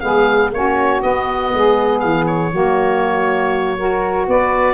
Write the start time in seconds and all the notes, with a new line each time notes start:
0.00 G#3 B3 G#4 F5
0.52 A#3 C#4 F#4 C#5
1.01 B3 D#5
1.53 G#3 G#4
1.99 E3 F5
2.26 C#5
2.51 F#3 A#3 F#4
3.77 F#4 A#4
4.26 B3 B4 D5